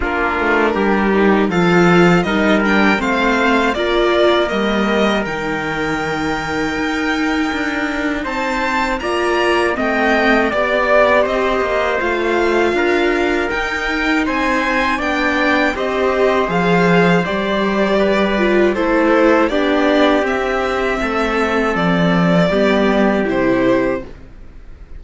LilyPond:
<<
  \new Staff \with { instrumentName = "violin" } { \time 4/4 \tempo 4 = 80 ais'2 f''4 dis''8 g''8 | f''4 d''4 dis''4 g''4~ | g''2. a''4 | ais''4 g''4 d''4 dis''4 |
f''2 g''4 gis''4 | g''4 dis''4 f''4 d''4~ | d''4 c''4 d''4 e''4~ | e''4 d''2 c''4 | }
  \new Staff \with { instrumentName = "trumpet" } { \time 4/4 f'4 g'4 a'4 ais'4 | c''4 ais'2.~ | ais'2. c''4 | d''4 dis''4 d''4 c''4~ |
c''4 ais'2 c''4 | d''4 c''2. | b'4 a'4 g'2 | a'2 g'2 | }
  \new Staff \with { instrumentName = "viola" } { \time 4/4 d'4. dis'8 f'4 dis'8 d'8 | c'4 f'4 ais4 dis'4~ | dis'1 | f'4 c'4 g'2 |
f'2 dis'2 | d'4 g'4 gis'4 g'4~ | g'8 f'8 e'4 d'4 c'4~ | c'2 b4 e'4 | }
  \new Staff \with { instrumentName = "cello" } { \time 4/4 ais8 a8 g4 f4 g4 | a4 ais4 g4 dis4~ | dis4 dis'4 d'4 c'4 | ais4 a4 b4 c'8 ais8 |
a4 d'4 dis'4 c'4 | b4 c'4 f4 g4~ | g4 a4 b4 c'4 | a4 f4 g4 c4 | }
>>